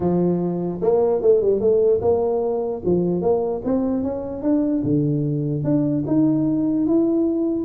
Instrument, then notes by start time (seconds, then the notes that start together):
tuba
0.00 F3
0.81 A#3
1.21 A3
1.41 G3
1.60 A3
2.01 A#3
2.84 F3
3.21 A#3
3.64 C4
4.03 C#4
4.42 D4
4.83 D3
5.63 D4
6.06 D#4
6.86 E4